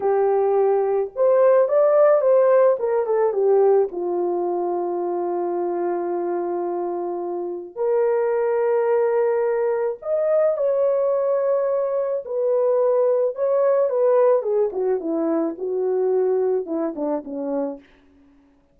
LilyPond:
\new Staff \with { instrumentName = "horn" } { \time 4/4 \tempo 4 = 108 g'2 c''4 d''4 | c''4 ais'8 a'8 g'4 f'4~ | f'1~ | f'2 ais'2~ |
ais'2 dis''4 cis''4~ | cis''2 b'2 | cis''4 b'4 gis'8 fis'8 e'4 | fis'2 e'8 d'8 cis'4 | }